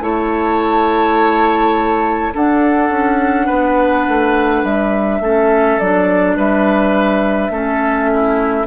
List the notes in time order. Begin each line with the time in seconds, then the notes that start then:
0.00 A3 E4 C#5 A5
2.34 D4 A4 F#5
2.89 C#4
3.46 B3 B4
4.08 A3
4.63 G3 E5
5.20 A3 C#4 A4
5.79 F#3 D4 D5
6.36 G3 B4 E5
7.50 A3 C#4 A4
8.14 E4